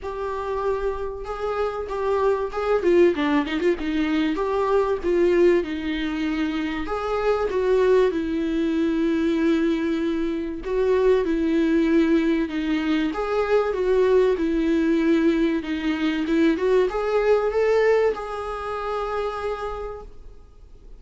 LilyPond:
\new Staff \with { instrumentName = "viola" } { \time 4/4 \tempo 4 = 96 g'2 gis'4 g'4 | gis'8 f'8 d'8 dis'16 f'16 dis'4 g'4 | f'4 dis'2 gis'4 | fis'4 e'2.~ |
e'4 fis'4 e'2 | dis'4 gis'4 fis'4 e'4~ | e'4 dis'4 e'8 fis'8 gis'4 | a'4 gis'2. | }